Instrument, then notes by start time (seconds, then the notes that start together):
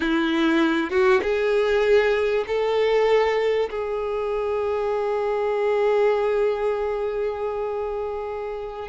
violin
0.00 E4
0.90 F#4
1.22 G#4
2.47 A4
3.70 G#4